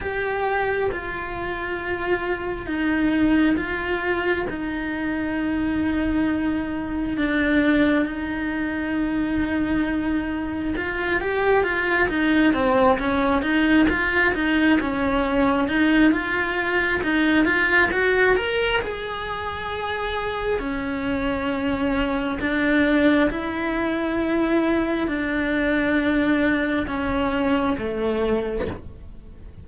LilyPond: \new Staff \with { instrumentName = "cello" } { \time 4/4 \tempo 4 = 67 g'4 f'2 dis'4 | f'4 dis'2. | d'4 dis'2. | f'8 g'8 f'8 dis'8 c'8 cis'8 dis'8 f'8 |
dis'8 cis'4 dis'8 f'4 dis'8 f'8 | fis'8 ais'8 gis'2 cis'4~ | cis'4 d'4 e'2 | d'2 cis'4 a4 | }